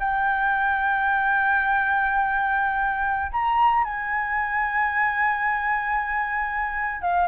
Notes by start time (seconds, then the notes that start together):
0.00 G5
3.33 A#5
3.84 G#5
7.02 F5